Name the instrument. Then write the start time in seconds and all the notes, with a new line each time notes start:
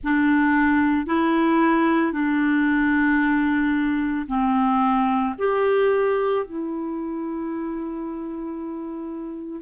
clarinet
0.03 D4
1.06 E4
2.12 D4
4.28 C4
5.38 G4
6.45 E4